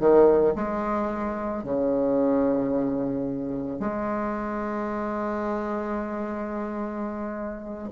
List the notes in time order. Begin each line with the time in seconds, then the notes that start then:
0.00 D#3
0.56 G#3
1.64 C#3
3.80 G#3